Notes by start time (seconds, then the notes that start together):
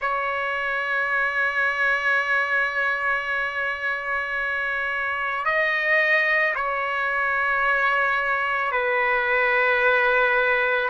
0.00 C#5
5.45 D#5
6.55 C#5
8.71 B4